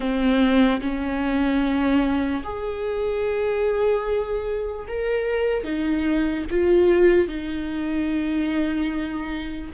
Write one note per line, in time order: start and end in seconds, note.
0.00 0.80 C4
0.81 2.43 C#4
2.43 4.86 G#4
4.87 5.64 A#4
5.64 6.45 D#4
6.50 7.28 F4
7.28 9.71 D#4